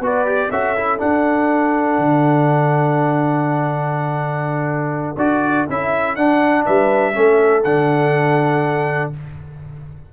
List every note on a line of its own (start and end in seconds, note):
0.00 0.49 B3
0.00 0.25 F#4
0.00 0.49 B4
0.00 0.51 D5
0.25 0.50 G4
0.49 1.00 C#4
0.49 0.76 F#4
0.49 6.64 A4
0.49 1.00 E5
0.76 0.98 E4
0.98 5.16 D4
0.98 1.98 D4
0.98 5.18 F#5
1.98 5.17 D3
5.17 5.66 D4
5.17 5.67 F#4
5.17 5.67 D5
5.69 6.16 C#4
5.69 6.17 E4
5.69 6.15 E5
6.15 6.66 D4
6.15 7.13 D4
6.15 6.64 F#5
6.65 7.16 G3
6.65 7.15 B4
6.65 7.63 E5
7.13 7.64 A3
7.13 7.62 C#4
7.13 9.13 A4
7.63 9.12 D3
7.63 9.13 D4
7.63 9.11 F#5